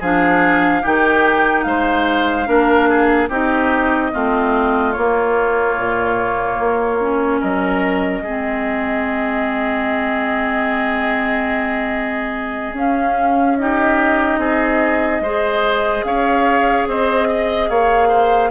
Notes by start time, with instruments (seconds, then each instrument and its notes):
0.00 bassoon F3, clarinet D4, oboe G#4, flute F5
0.82 bassoon D#3, clarinet D#4, oboe G4, flute G5
1.63 bassoon G#3, oboe C5, flute F5
2.46 bassoon A#3, clarinet D4, oboe A#4
2.89 oboe G#4
3.29 bassoon C4, clarinet D#4, oboe G4, flute D#5
4.12 bassoon A3, clarinet C4, oboe F4
4.93 clarinet A#3, bassoon A#3, flute C#5
5.77 bassoon A#2
6.59 bassoon A#3
7.01 clarinet C#4
7.40 bassoon F#3, oboe A#4, flute D#5
8.21 bassoon G#3, clarinet C4, oboe G#4
12.74 bassoon C#4, clarinet C#4, flute F5
13.57 clarinet D#4, oboe G4, flute D#5
14.38 bassoon C4, oboe G#4
15.21 bassoon G#3, clarinet G#4, oboe C5
16.04 bassoon C#4, oboe C#5, flute F5
16.87 bassoon C4, oboe C5, flute D#5
17.28 oboe D#5
17.69 bassoon A#3, oboe C#5, flute F5
18.08 oboe C5